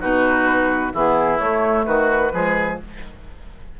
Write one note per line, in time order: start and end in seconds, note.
0.00 0.93 B2
0.00 0.93 D#4
0.00 0.92 F#4
0.00 0.93 B4
0.93 1.40 E3
0.93 1.39 B3
0.93 1.85 E4
0.93 1.38 G#4
1.38 2.32 A3
1.38 1.86 A3
1.38 1.84 C#5
1.85 2.32 D#3
1.85 2.32 F#4
1.85 2.77 B4
2.32 2.79 F3
2.32 2.78 G#3
2.32 2.80 G#4